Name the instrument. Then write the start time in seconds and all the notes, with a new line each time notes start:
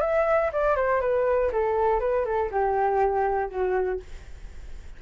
flute
0.00 E5
0.52 D5
0.76 C5
1.00 B4
1.52 A4
1.99 B4
2.25 A4
2.51 G4
3.49 F#4